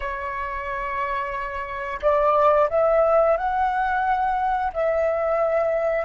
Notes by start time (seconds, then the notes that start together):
0.00 C#5
2.02 D5
2.69 E5
3.37 F#5
4.73 E5